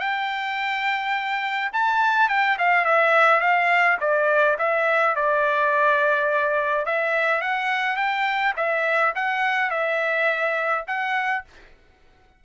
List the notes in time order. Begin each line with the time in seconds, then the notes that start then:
0.00 G5
1.73 A5
2.29 G5
2.59 F5
2.85 E5
3.41 F5
4.01 D5
4.59 E5
5.16 D5
6.86 E5
7.42 F#5
7.97 G5
8.57 E5
9.16 F#5
9.71 E5
10.88 F#5